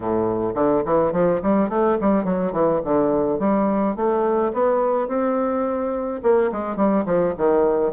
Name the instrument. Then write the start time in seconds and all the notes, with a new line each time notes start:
bassoon
0.00 A2
0.55 D3
0.85 E3
1.12 F3
1.42 G3
1.69 A3
2.00 G3
2.24 F#3
2.52 E3
2.84 D3
3.39 G3
3.95 A3
4.53 B3
5.07 C4
6.22 A#3
6.52 G#3
6.76 G3
7.05 F3
7.37 D#3